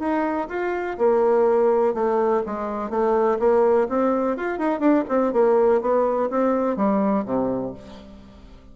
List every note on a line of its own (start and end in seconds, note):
0.00 0.48 D#4
0.49 0.98 F4
0.99 1.94 A#3
1.94 2.43 A3
2.46 2.90 G#3
2.90 3.39 A3
3.40 3.88 A#3
3.89 4.37 C4
4.37 4.59 F4
4.59 4.80 D#4
4.80 5.04 D4
5.09 5.33 C4
5.33 5.82 A#3
5.82 6.30 B3
6.31 6.77 C4
6.77 7.26 G3
7.26 7.74 C3